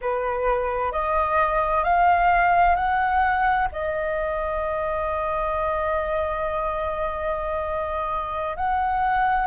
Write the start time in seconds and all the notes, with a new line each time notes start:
0.01 B4
0.92 D#5
1.84 F5
2.75 F#5
3.72 D#5
8.56 F#5